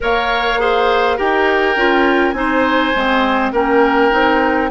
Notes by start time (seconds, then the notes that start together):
0.00 A#3 A#4 C#5 F5
0.59 G#4 C5
1.17 D#4 G4 A#4 G5
1.75 C#4 F4
2.31 C4 D#4 C5 G#5
2.95 G#3 C4
3.51 A#3 C#4 A#4 G5
4.11 C4 D#4